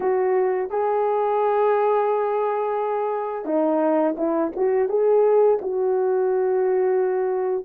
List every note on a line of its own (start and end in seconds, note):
0.00 0.70 F#4
0.70 3.45 G#4
3.45 4.15 D#4
4.17 4.52 E4
4.56 4.88 F#4
4.88 5.58 G#4
5.61 7.65 F#4